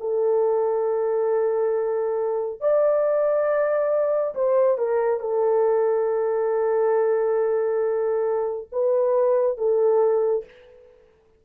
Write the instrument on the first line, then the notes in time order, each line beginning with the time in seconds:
horn
0.00 A4
2.60 D5
4.35 C5
4.78 A#4
5.20 A4
8.72 B4
9.58 A4